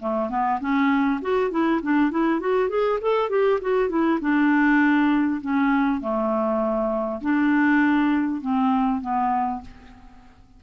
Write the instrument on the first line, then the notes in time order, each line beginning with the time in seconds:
clarinet
0.00 A3
0.30 B3
0.61 C#4
1.22 F#4
1.51 E4
1.83 D4
2.11 E4
2.40 F#4
2.70 G#4
3.02 A4
3.30 G4
3.62 F#4
3.89 E4
4.21 D4
5.42 C#4
6.01 A3
7.22 D4
8.41 C4
9.01 B3